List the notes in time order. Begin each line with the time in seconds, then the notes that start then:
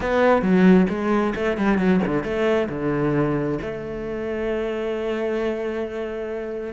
0.00 B3
0.42 F#3
0.89 G#3
1.35 A3
1.57 G3
1.78 F#3
2.06 D3
2.23 A3
2.69 D3
3.61 A3